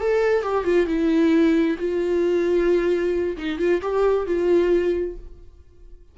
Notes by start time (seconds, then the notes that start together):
0.00 A4
0.42 G4
0.64 F4
0.86 E4
1.79 F4
3.37 D#4
3.58 F4
3.81 G4
4.26 F4